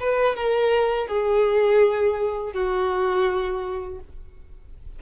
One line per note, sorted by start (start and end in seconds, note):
0.00 0.36 B4
0.36 1.07 A#4
1.07 2.53 G#4
2.53 4.00 F#4